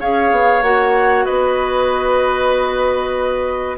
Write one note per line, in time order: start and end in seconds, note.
0.00 0.31 C#4
0.00 0.63 G#4
0.00 1.25 C#5
0.00 0.62 F5
0.31 0.62 B3
0.62 1.25 A#3
0.62 3.77 F#4
0.62 1.25 F#5
1.25 3.77 B3
1.25 3.77 B4
1.25 3.77 D#5